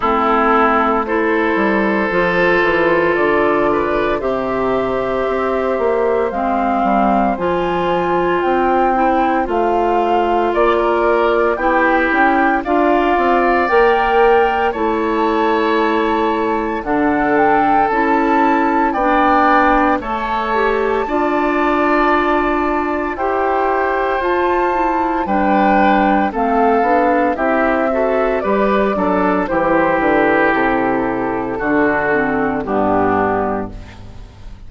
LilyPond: <<
  \new Staff \with { instrumentName = "flute" } { \time 4/4 \tempo 4 = 57 a'4 c''2 d''4 | e''2 f''4 gis''4 | g''4 f''4 d''4 g''4 | f''4 g''4 a''2 |
fis''8 g''8 a''4 g''4 a''4~ | a''2 g''4 a''4 | g''4 f''4 e''4 d''4 | c''8 b'8 a'2 g'4 | }
  \new Staff \with { instrumentName = "oboe" } { \time 4/4 e'4 a'2~ a'8 b'8 | c''1~ | c''2 d''16 ais'8. g'4 | d''2 cis''2 |
a'2 d''4 cis''4 | d''2 c''2 | b'4 a'4 g'8 a'8 b'8 a'8 | g'2 fis'4 d'4 | }
  \new Staff \with { instrumentName = "clarinet" } { \time 4/4 c'4 e'4 f'2 | g'2 c'4 f'4~ | f'8 e'8 f'2 e'4 | f'4 ais'4 e'2 |
d'4 e'4 d'4 a'8 g'8 | f'2 g'4 f'8 e'8 | d'4 c'8 d'8 e'8 fis'8 g'8 d'8 | e'2 d'8 c'8 b4 | }
  \new Staff \with { instrumentName = "bassoon" } { \time 4/4 a4. g8 f8 e8 d4 | c4 c'8 ais8 gis8 g8 f4 | c'4 a4 ais4 b8 cis'8 | d'8 c'8 ais4 a2 |
d4 cis'4 b4 a4 | d'2 e'4 f'4 | g4 a8 b8 c'4 g8 fis8 | e8 d8 c4 d4 g,4 | }
>>